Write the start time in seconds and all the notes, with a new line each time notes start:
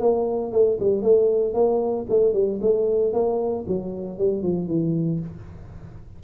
0.00 A#3
0.52 A3
0.80 G3
1.02 A3
1.54 A#3
2.09 A3
2.33 G3
2.62 A3
3.13 A#3
3.68 F#3
4.18 G3
4.43 F3
4.68 E3